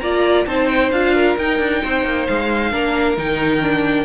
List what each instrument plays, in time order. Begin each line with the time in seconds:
0.00 cello A#3, viola F4, violin D5 A#5
0.46 cello C4, viola D#4, violin C5 A5
0.68 violin G5
0.92 cello D4, viola F4, violin F5
1.15 violin A#4
1.38 cello D#4, viola D#4, violin G5
1.59 cello D4
1.83 cello C4, violin C5
2.05 cello A#3
2.27 cello G#3, violin F5
2.72 cello A#3, viola D4, violin A#4
3.17 cello D#3, viola D#4, violin G5
3.62 viola D4